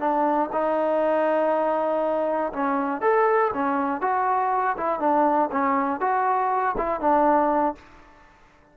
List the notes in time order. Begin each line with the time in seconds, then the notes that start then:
0.00 D4
0.53 D#4
2.53 C#4
3.02 A4
3.54 C#4
4.02 F#4
4.77 E4
5.00 D4
5.52 C#4
6.01 F#4
6.78 E4
7.00 D4